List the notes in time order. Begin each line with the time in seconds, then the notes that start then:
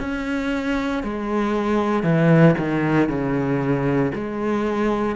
0.00 C#4
1.03 G#3
2.03 E3
2.58 D#3
3.09 C#3
4.15 G#3